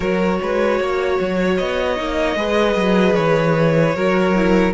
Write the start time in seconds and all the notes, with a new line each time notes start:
0.00 F#3 F#4 A#4 C#5
0.41 G#3 B4
0.79 A#3 C#5
1.20 F#3
1.57 B3 D#5
1.96 A#3 D#4
2.35 G#3 G#4 B4
2.75 F#3
3.14 E3 C#5
3.94 F#3 F#4 A#4
4.35 E4